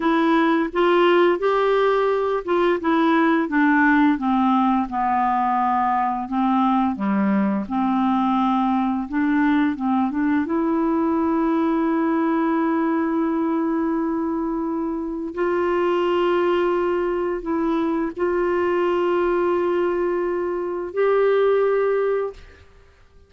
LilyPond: \new Staff \with { instrumentName = "clarinet" } { \time 4/4 \tempo 4 = 86 e'4 f'4 g'4. f'8 | e'4 d'4 c'4 b4~ | b4 c'4 g4 c'4~ | c'4 d'4 c'8 d'8 e'4~ |
e'1~ | e'2 f'2~ | f'4 e'4 f'2~ | f'2 g'2 | }